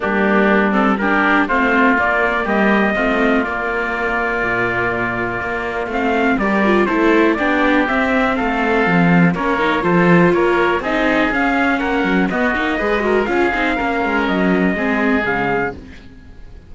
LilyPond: <<
  \new Staff \with { instrumentName = "trumpet" } { \time 4/4 \tempo 4 = 122 g'4. a'8 ais'4 c''4 | d''4 dis''2 d''4~ | d''1 | f''4 d''4 c''4 d''4 |
e''4 f''2 cis''4 | c''4 cis''4 dis''4 f''4 | fis''4 dis''2 f''4~ | f''4 dis''2 f''4 | }
  \new Staff \with { instrumentName = "oboe" } { \time 4/4 d'2 g'4 f'4~ | f'4 g'4 f'2~ | f'1~ | f'4 ais'4 a'4 g'4~ |
g'4 a'2 ais'4 | a'4 ais'4 gis'2 | ais'4 fis'4 b'8 ais'8 gis'4 | ais'2 gis'2 | }
  \new Staff \with { instrumentName = "viola" } { \time 4/4 ais4. c'8 d'4 c'4 | ais2 c'4 ais4~ | ais1 | c'4 g'8 f'8 e'4 d'4 |
c'2. cis'8 dis'8 | f'2 dis'4 cis'4~ | cis'4 b8 dis'8 gis'8 fis'8 f'8 dis'8 | cis'2 c'4 gis4 | }
  \new Staff \with { instrumentName = "cello" } { \time 4/4 g2. a4 | ais4 g4 a4 ais4~ | ais4 ais,2 ais4 | a4 g4 a4 b4 |
c'4 a4 f4 ais4 | f4 ais4 c'4 cis'4 | ais8 fis8 b8 ais8 gis4 cis'8 c'8 | ais8 gis8 fis4 gis4 cis4 | }
>>